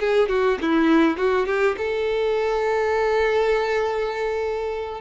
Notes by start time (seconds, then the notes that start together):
0.00 G#4
0.29 F#4
0.61 E4
1.17 F#4
1.46 G4
1.78 A4